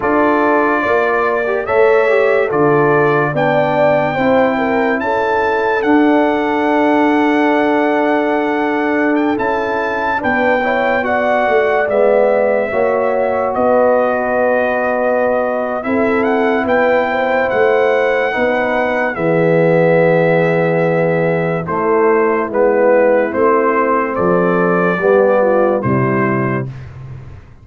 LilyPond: <<
  \new Staff \with { instrumentName = "trumpet" } { \time 4/4 \tempo 4 = 72 d''2 e''4 d''4 | g''2 a''4 fis''4~ | fis''2. g''16 a''8.~ | a''16 g''4 fis''4 e''4.~ e''16~ |
e''16 dis''2~ dis''8. e''8 fis''8 | g''4 fis''2 e''4~ | e''2 c''4 b'4 | c''4 d''2 c''4 | }
  \new Staff \with { instrumentName = "horn" } { \time 4/4 a'4 d''4 cis''4 a'4 | d''4 c''8 ais'8 a'2~ | a'1~ | a'16 b'8 cis''8 d''2 cis''8.~ |
cis''16 b'2~ b'8. a'4 | b'8 c''4. b'4 gis'4~ | gis'2 e'2~ | e'4 a'4 g'8 f'8 e'4 | }
  \new Staff \with { instrumentName = "trombone" } { \time 4/4 f'4.~ f'16 g'16 a'8 g'8 f'4 | d'4 e'2 d'4~ | d'2.~ d'16 e'8.~ | e'16 d'8 e'8 fis'4 b4 fis'8.~ |
fis'2. e'4~ | e'2 dis'4 b4~ | b2 a4 b4 | c'2 b4 g4 | }
  \new Staff \with { instrumentName = "tuba" } { \time 4/4 d'4 ais4 a4 d4 | b4 c'4 cis'4 d'4~ | d'2.~ d'16 cis'8.~ | cis'16 b4. a8 gis4 ais8.~ |
ais16 b2~ b8. c'4 | b4 a4 b4 e4~ | e2 a4 gis4 | a4 f4 g4 c4 | }
>>